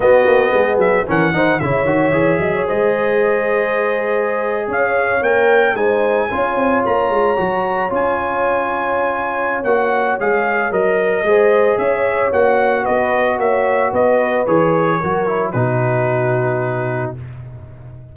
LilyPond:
<<
  \new Staff \with { instrumentName = "trumpet" } { \time 4/4 \tempo 4 = 112 dis''4. e''8 fis''4 e''4~ | e''4 dis''2.~ | dis''8. f''4 g''4 gis''4~ gis''16~ | gis''8. ais''2 gis''4~ gis''16~ |
gis''2 fis''4 f''4 | dis''2 e''4 fis''4 | dis''4 e''4 dis''4 cis''4~ | cis''4 b'2. | }
  \new Staff \with { instrumentName = "horn" } { \time 4/4 fis'4 gis'4 ais'8 c''8 cis''4~ | cis''8 dis''16 cis''16 c''2.~ | c''8. cis''2 c''4 cis''16~ | cis''1~ |
cis''1~ | cis''4 c''4 cis''2 | b'4 cis''4 b'2 | ais'4 fis'2. | }
  \new Staff \with { instrumentName = "trombone" } { \time 4/4 b2 cis'8 dis'8 e'8 fis'8 | gis'1~ | gis'4.~ gis'16 ais'4 dis'4 f'16~ | f'4.~ f'16 fis'4 f'4~ f'16~ |
f'2 fis'4 gis'4 | ais'4 gis'2 fis'4~ | fis'2. gis'4 | fis'8 e'8 dis'2. | }
  \new Staff \with { instrumentName = "tuba" } { \time 4/4 b8 ais8 gis8 fis8 e8 dis8 cis8 dis8 | e8 fis8 gis2.~ | gis8. cis'4 ais4 gis4 cis'16~ | cis'16 c'8 ais8 gis8 fis4 cis'4~ cis'16~ |
cis'2 ais4 gis4 | fis4 gis4 cis'4 ais4 | b4 ais4 b4 e4 | fis4 b,2. | }
>>